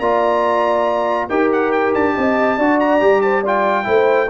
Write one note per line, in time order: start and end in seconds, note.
0.00 1.29 A#3
0.00 1.30 F4
0.00 1.28 D5
0.00 1.29 A#5
1.28 1.95 D#4
1.28 2.59 G4
1.28 2.14 A#4
1.28 1.51 G5
1.52 1.72 F#5
1.72 1.94 G5
1.95 2.16 D4
1.95 2.80 A5
2.15 2.59 C4
2.15 2.58 D#5
2.58 3.01 D4
2.58 3.01 F#4
2.58 3.22 D5
2.80 3.22 A#5
3.01 3.87 G3
3.01 3.44 G4
3.22 3.41 C5
3.22 3.43 A5
3.41 3.84 F4
3.41 3.84 D5
3.47 4.30 G5
3.84 4.30 A3
3.84 4.27 E4
3.84 4.30 C5